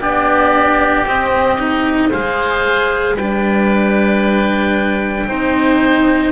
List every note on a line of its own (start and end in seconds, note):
0.00 1.05 B3
0.00 1.05 D4
0.00 2.10 G4
0.00 1.07 D5
1.05 2.11 C4
1.05 1.59 C4
1.05 2.12 D#5
1.59 2.11 D#4
2.10 3.15 G#3
2.10 3.18 G#4
2.10 3.15 C5
2.10 3.17 F5
3.15 5.25 G3
3.15 5.28 D4
3.15 5.27 B4
3.15 6.32 G5
5.27 6.32 C4
5.27 6.32 D#4
5.27 6.32 C5